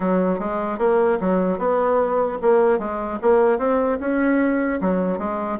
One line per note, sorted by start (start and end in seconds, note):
0.00 0.39 F#3
0.39 0.78 G#3
0.78 1.18 A#3
1.20 1.58 F#3
1.58 2.38 B3
2.41 2.78 A#3
2.78 3.18 G#3
3.21 3.58 A#3
3.58 3.98 C4
4.00 4.80 C#4
4.80 5.18 F#3
5.18 5.58 G#3